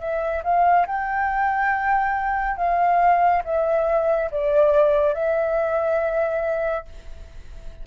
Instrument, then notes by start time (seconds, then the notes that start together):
flute
0.00 E5
0.44 F5
0.86 G5
2.57 F5
3.45 E5
4.31 D5
5.14 E5